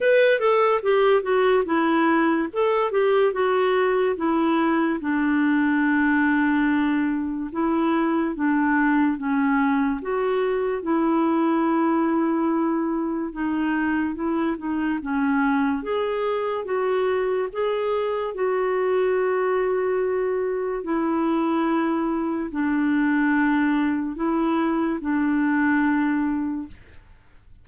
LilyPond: \new Staff \with { instrumentName = "clarinet" } { \time 4/4 \tempo 4 = 72 b'8 a'8 g'8 fis'8 e'4 a'8 g'8 | fis'4 e'4 d'2~ | d'4 e'4 d'4 cis'4 | fis'4 e'2. |
dis'4 e'8 dis'8 cis'4 gis'4 | fis'4 gis'4 fis'2~ | fis'4 e'2 d'4~ | d'4 e'4 d'2 | }